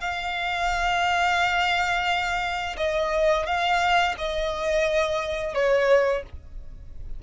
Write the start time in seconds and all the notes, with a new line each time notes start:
0.00 F5
2.77 D#5
3.46 F5
4.18 D#5
5.54 C#5